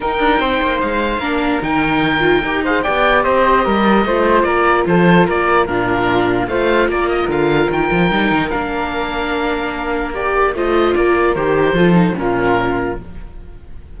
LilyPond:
<<
  \new Staff \with { instrumentName = "oboe" } { \time 4/4 \tempo 4 = 148 g''2 f''2 | g''2~ g''8 f''8 g''4 | dis''2. d''4 | c''4 d''4 ais'2 |
f''4 d''8 dis''8 f''4 g''4~ | g''4 f''2.~ | f''4 d''4 dis''4 d''4 | c''2 ais'2 | }
  \new Staff \with { instrumentName = "flute" } { \time 4/4 ais'4 c''2 ais'4~ | ais'2~ ais'8 c''8 d''4 | c''4 ais'4 c''4 ais'4 | a'4 ais'4 f'2 |
c''4 ais'2.~ | ais'1~ | ais'2 c''4 ais'4~ | ais'4 a'4 f'2 | }
  \new Staff \with { instrumentName = "viola" } { \time 4/4 dis'2. d'4 | dis'4. f'8 g'8 gis'8 g'4~ | g'2 f'2~ | f'2 d'2 |
f'1 | dis'4 d'2.~ | d'4 g'4 f'2 | g'4 f'8 dis'8 cis'2 | }
  \new Staff \with { instrumentName = "cello" } { \time 4/4 dis'8 d'8 c'8 ais8 gis4 ais4 | dis2 dis'4 b4 | c'4 g4 a4 ais4 | f4 ais4 ais,2 |
a4 ais4 d4 dis8 f8 | g8 dis8 ais2.~ | ais2 a4 ais4 | dis4 f4 ais,2 | }
>>